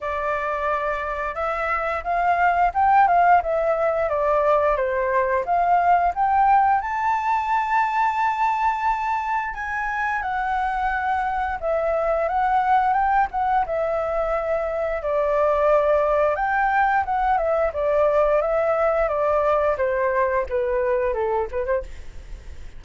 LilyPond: \new Staff \with { instrumentName = "flute" } { \time 4/4 \tempo 4 = 88 d''2 e''4 f''4 | g''8 f''8 e''4 d''4 c''4 | f''4 g''4 a''2~ | a''2 gis''4 fis''4~ |
fis''4 e''4 fis''4 g''8 fis''8 | e''2 d''2 | g''4 fis''8 e''8 d''4 e''4 | d''4 c''4 b'4 a'8 b'16 c''16 | }